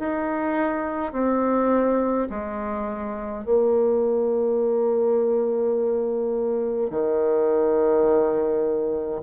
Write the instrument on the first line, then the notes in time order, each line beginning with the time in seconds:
bassoon
0.00 D#4
1.13 C4
2.30 G#3
3.45 A#3
6.91 D#3